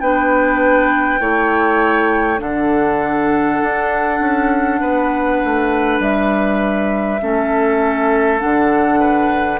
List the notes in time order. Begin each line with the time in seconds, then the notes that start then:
0.00 B3 D4 B4 G5
1.19 A3 E4 C#5
2.37 D3 D4 A4 F#5
3.62 D4
4.20 C#4
4.81 B3 B4
5.45 A3
6.00 G3 E5
7.22 A3 C#4 A4
8.39 D3 D4 F#5
9.00 B4